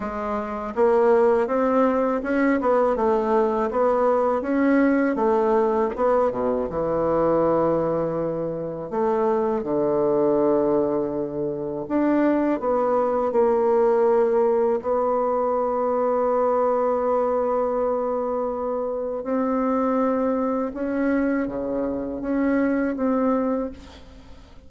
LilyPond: \new Staff \with { instrumentName = "bassoon" } { \time 4/4 \tempo 4 = 81 gis4 ais4 c'4 cis'8 b8 | a4 b4 cis'4 a4 | b8 b,8 e2. | a4 d2. |
d'4 b4 ais2 | b1~ | b2 c'2 | cis'4 cis4 cis'4 c'4 | }